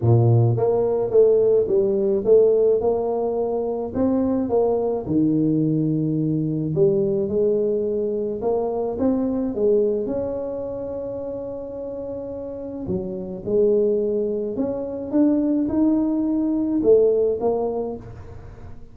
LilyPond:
\new Staff \with { instrumentName = "tuba" } { \time 4/4 \tempo 4 = 107 ais,4 ais4 a4 g4 | a4 ais2 c'4 | ais4 dis2. | g4 gis2 ais4 |
c'4 gis4 cis'2~ | cis'2. fis4 | gis2 cis'4 d'4 | dis'2 a4 ais4 | }